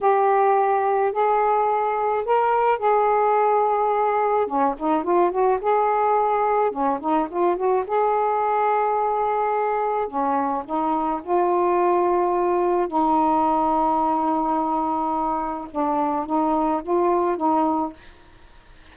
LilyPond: \new Staff \with { instrumentName = "saxophone" } { \time 4/4 \tempo 4 = 107 g'2 gis'2 | ais'4 gis'2. | cis'8 dis'8 f'8 fis'8 gis'2 | cis'8 dis'8 f'8 fis'8 gis'2~ |
gis'2 cis'4 dis'4 | f'2. dis'4~ | dis'1 | d'4 dis'4 f'4 dis'4 | }